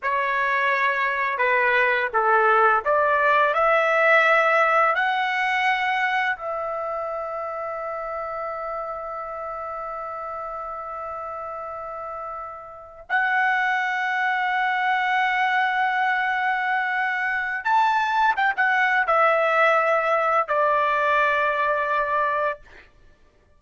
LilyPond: \new Staff \with { instrumentName = "trumpet" } { \time 4/4 \tempo 4 = 85 cis''2 b'4 a'4 | d''4 e''2 fis''4~ | fis''4 e''2.~ | e''1~ |
e''2~ e''8 fis''4.~ | fis''1~ | fis''4 a''4 g''16 fis''8. e''4~ | e''4 d''2. | }